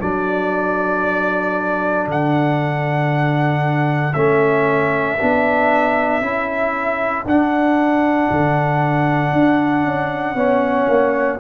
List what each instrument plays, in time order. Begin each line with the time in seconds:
0.00 tuba F#3, trombone D4, horn A4, trumpet D5
2.07 tuba D3, trumpet F#5
4.14 tuba A3, trombone C#4, trumpet E5
5.20 tuba B3, trombone D4
6.22 tuba C#4, trombone E4
7.25 tuba D4, trombone D4, trumpet F#5
8.31 tuba D3
9.33 tuba D4
9.85 tuba C#4
10.35 tuba B3, trombone C#4, horn C#5
10.89 tuba A#3